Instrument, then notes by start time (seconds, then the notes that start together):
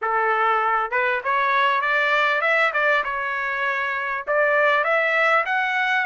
trumpet
0.01 A4
0.91 B4
1.23 C#5
1.81 D5
2.41 E5
2.73 D5
3.04 C#5
4.27 D5
4.83 E5
5.45 F#5